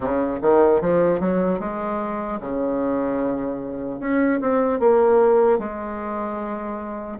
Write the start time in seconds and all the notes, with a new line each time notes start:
0.00 C#3
0.41 D#3
0.81 F3
1.20 F#3
1.59 G#3
2.40 C#3
4.00 C#4
4.40 C4
4.79 A#3
5.59 G#3